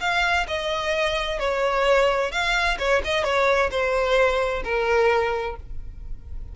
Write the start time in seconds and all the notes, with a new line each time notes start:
0.00 F5
0.47 D#5
1.39 C#5
2.31 F5
2.79 C#5
3.04 D#5
3.24 C#5
3.70 C5
4.64 A#4